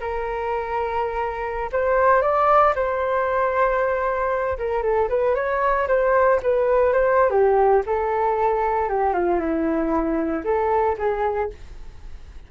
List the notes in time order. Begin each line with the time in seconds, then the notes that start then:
0.00 A#4
1.72 C5
2.21 D5
2.75 C5
4.58 A#4
4.82 A4
5.08 B4
5.35 C#5
5.88 C5
6.42 B4
6.93 C5
7.30 G4
7.86 A4
8.88 G4
9.13 F4
9.39 E4
10.44 A4
10.98 G#4